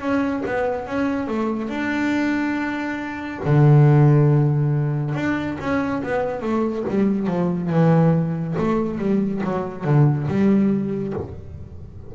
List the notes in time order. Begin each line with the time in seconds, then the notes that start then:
0.00 C#4
0.46 B3
0.87 C#4
1.28 A3
1.69 D4
3.46 D3
5.15 D4
5.60 C#4
6.03 B3
6.42 A3
6.89 G3
7.27 F3
7.70 E3
8.59 A3
8.99 G3
9.44 F#3
9.85 D3
10.28 G3